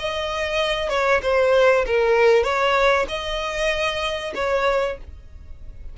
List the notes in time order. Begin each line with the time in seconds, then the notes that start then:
0.00 D#5
0.90 C#5
1.23 C5
1.86 A#4
2.44 C#5
3.09 D#5
4.36 C#5